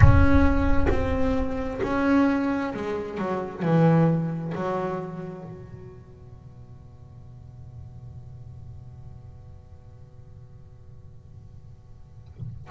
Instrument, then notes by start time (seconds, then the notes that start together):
double bass
0.00 C#4
0.89 C4
1.82 C#4
2.74 G#3
3.18 F#3
3.62 E3
4.55 F#3
5.43 B2